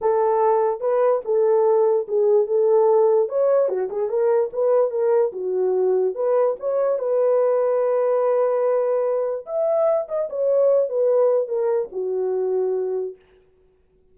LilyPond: \new Staff \with { instrumentName = "horn" } { \time 4/4 \tempo 4 = 146 a'2 b'4 a'4~ | a'4 gis'4 a'2 | cis''4 fis'8 gis'8 ais'4 b'4 | ais'4 fis'2 b'4 |
cis''4 b'2.~ | b'2. e''4~ | e''8 dis''8 cis''4. b'4. | ais'4 fis'2. | }